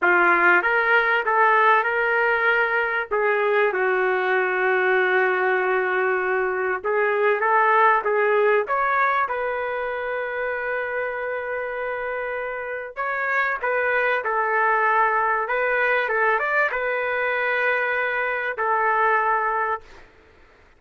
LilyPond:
\new Staff \with { instrumentName = "trumpet" } { \time 4/4 \tempo 4 = 97 f'4 ais'4 a'4 ais'4~ | ais'4 gis'4 fis'2~ | fis'2. gis'4 | a'4 gis'4 cis''4 b'4~ |
b'1~ | b'4 cis''4 b'4 a'4~ | a'4 b'4 a'8 d''8 b'4~ | b'2 a'2 | }